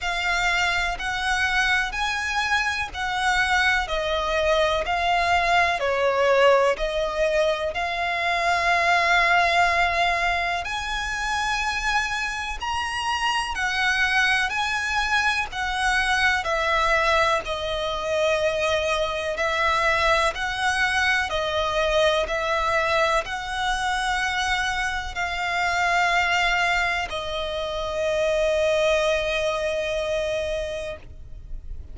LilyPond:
\new Staff \with { instrumentName = "violin" } { \time 4/4 \tempo 4 = 62 f''4 fis''4 gis''4 fis''4 | dis''4 f''4 cis''4 dis''4 | f''2. gis''4~ | gis''4 ais''4 fis''4 gis''4 |
fis''4 e''4 dis''2 | e''4 fis''4 dis''4 e''4 | fis''2 f''2 | dis''1 | }